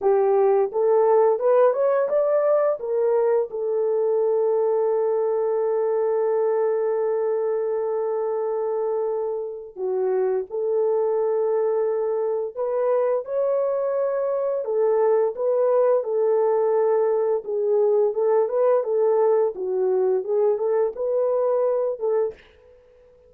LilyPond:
\new Staff \with { instrumentName = "horn" } { \time 4/4 \tempo 4 = 86 g'4 a'4 b'8 cis''8 d''4 | ais'4 a'2.~ | a'1~ | a'2 fis'4 a'4~ |
a'2 b'4 cis''4~ | cis''4 a'4 b'4 a'4~ | a'4 gis'4 a'8 b'8 a'4 | fis'4 gis'8 a'8 b'4. a'8 | }